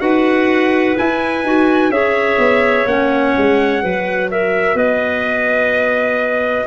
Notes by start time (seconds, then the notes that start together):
0.00 D#4 F#4 B4 F#5
0.96 E4 G#5
1.43 D#4 F#4
1.89 C#4 G#4 C#5 E5
2.38 B3
2.86 A#3 C#4 F#5
3.37 G#3
3.82 F#3 F#4 B4
4.31 A#4 E5
4.75 B3 B4 D#5